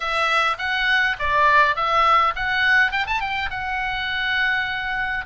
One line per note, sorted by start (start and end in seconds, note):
0.00 0.57 E5
0.58 1.16 F#5
1.19 1.76 D5
1.76 2.34 E5
2.35 2.91 F#5
2.91 3.06 G5
3.06 3.20 A5
3.20 3.49 G5
3.50 5.25 F#5